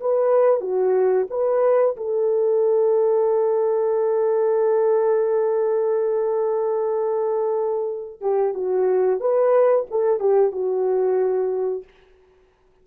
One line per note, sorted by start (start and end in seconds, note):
0.00 0.61 B4
0.61 1.26 F#4
1.30 1.96 B4
1.97 8.21 A4
8.21 8.54 G4
8.54 9.20 F#4
9.20 9.86 B4
9.91 10.20 A4
10.20 10.52 G4
10.52 11.84 F#4